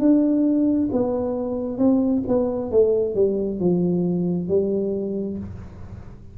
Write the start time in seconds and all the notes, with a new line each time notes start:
0.00 D4
0.92 B3
1.79 C4
2.28 B3
2.72 A3
3.15 G3
3.60 F3
4.49 G3